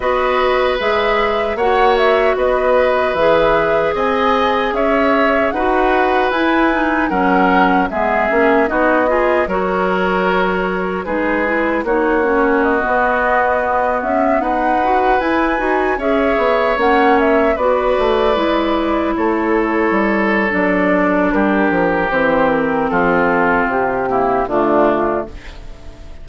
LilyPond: <<
  \new Staff \with { instrumentName = "flute" } { \time 4/4 \tempo 4 = 76 dis''4 e''4 fis''8 e''8 dis''4 | e''4 gis''4 e''4 fis''4 | gis''4 fis''4 e''4 dis''4 | cis''2 b'4 cis''4 |
dis''4.~ dis''16 e''8 fis''4 gis''8.~ | gis''16 e''4 fis''8 e''8 d''4.~ d''16~ | d''16 cis''4.~ cis''16 d''4 ais'4 | c''8 ais'8 a'4 g'4 f'4 | }
  \new Staff \with { instrumentName = "oboe" } { \time 4/4 b'2 cis''4 b'4~ | b'4 dis''4 cis''4 b'4~ | b'4 ais'4 gis'4 fis'8 gis'8 | ais'2 gis'4 fis'4~ |
fis'2~ fis'16 b'4.~ b'16~ | b'16 cis''2 b'4.~ b'16~ | b'16 a'2~ a'8. g'4~ | g'4 f'4. e'8 d'4 | }
  \new Staff \with { instrumentName = "clarinet" } { \time 4/4 fis'4 gis'4 fis'2 | gis'2. fis'4 | e'8 dis'8 cis'4 b8 cis'8 dis'8 f'8 | fis'2 dis'8 e'8 dis'8 cis'8~ |
cis'16 b2~ b8 fis'8 e'8 fis'16~ | fis'16 gis'4 cis'4 fis'4 e'8.~ | e'2 d'2 | c'2~ c'8 ais8 a4 | }
  \new Staff \with { instrumentName = "bassoon" } { \time 4/4 b4 gis4 ais4 b4 | e4 c'4 cis'4 dis'4 | e'4 fis4 gis8 ais8 b4 | fis2 gis4 ais4~ |
ais16 b4. cis'8 dis'4 e'8 dis'16~ | dis'16 cis'8 b8 ais4 b8 a8 gis8.~ | gis16 a4 g8. fis4 g8 f8 | e4 f4 c4 d4 | }
>>